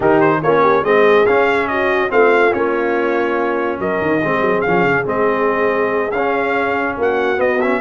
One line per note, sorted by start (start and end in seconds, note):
0.00 0.41 D#3
0.00 0.42 D#4
0.00 0.39 G4
0.00 0.20 A#4
0.20 0.41 C5
0.42 0.83 A#3
0.42 0.84 C#4
0.42 0.61 F4
0.42 0.84 C#5
0.61 0.82 G4
0.83 1.25 G#3
0.83 1.26 C4
0.83 1.69 G#4
0.83 1.26 D#5
1.26 2.11 C#4
1.26 2.08 C#4
1.26 1.67 F5
1.67 2.12 F#4
1.67 2.10 D#5
2.08 2.54 A3
2.08 2.50 C4
2.08 3.80 F4
2.08 2.53 F5
2.51 3.79 A#3
2.51 4.20 C#4
2.51 3.80 C#5
3.79 4.00 F#3
3.79 4.22 A#4
3.79 4.61 D#5
4.01 4.22 D#3
4.23 4.40 G#3
4.23 4.66 C4
4.23 6.98 G#4
4.40 4.62 F#3
4.61 4.83 F3
4.61 5.05 C#4
4.61 5.03 F5
4.83 5.05 C#3
5.05 6.11 G#3
5.05 6.10 C4
5.05 6.11 D#5
6.11 6.96 C#4
6.11 6.95 F5
6.17 7.36 C#4
6.97 7.39 A#3
6.97 7.81 F#4
6.97 7.40 F#5
7.36 7.57 B3
7.36 7.81 B3
7.36 7.61 D#5
7.61 7.81 C#4
7.61 7.81 E5